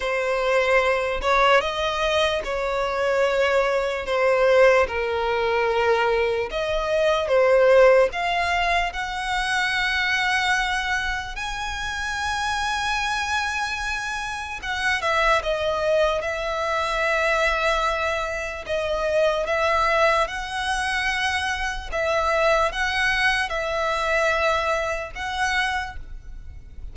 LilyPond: \new Staff \with { instrumentName = "violin" } { \time 4/4 \tempo 4 = 74 c''4. cis''8 dis''4 cis''4~ | cis''4 c''4 ais'2 | dis''4 c''4 f''4 fis''4~ | fis''2 gis''2~ |
gis''2 fis''8 e''8 dis''4 | e''2. dis''4 | e''4 fis''2 e''4 | fis''4 e''2 fis''4 | }